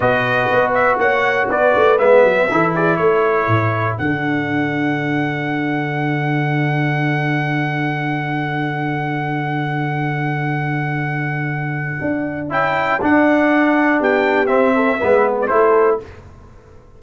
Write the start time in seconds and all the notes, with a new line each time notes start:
0.00 B2 F#4 B4 D#5
0.52 B3
0.74 E5
0.97 A#3 C#5 F#5
1.49 B3 B4 D5
1.75 A3
1.97 G#3 B3 E5
2.24 F#3
2.51 E3 E4 A4
2.75 G#4 D5
2.96 A3 A4 C#5
3.47 A2
3.98 D3 D4 F#5
12.01 D4
12.49 C#4 E4 G5
13.01 D4 F#5
13.99 B3 G4 G5
14.46 C4 E5
14.75 A4
14.99 G#3 B3 B4
15.41 D5
15.47 A3 E4 A4 C5